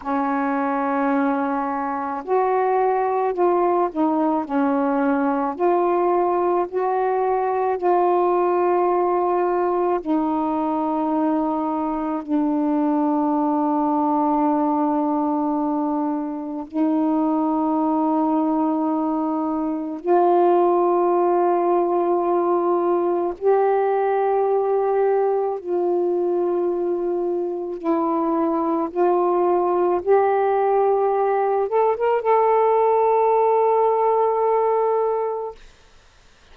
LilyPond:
\new Staff \with { instrumentName = "saxophone" } { \time 4/4 \tempo 4 = 54 cis'2 fis'4 f'8 dis'8 | cis'4 f'4 fis'4 f'4~ | f'4 dis'2 d'4~ | d'2. dis'4~ |
dis'2 f'2~ | f'4 g'2 f'4~ | f'4 e'4 f'4 g'4~ | g'8 a'16 ais'16 a'2. | }